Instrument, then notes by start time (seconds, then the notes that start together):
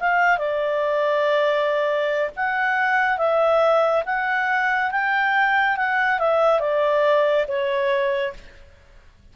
clarinet
0.00 F5
0.38 D5
2.37 F#5
3.18 E5
4.06 F#5
4.91 G5
5.77 F#5
6.19 E5
6.60 D5
7.48 C#5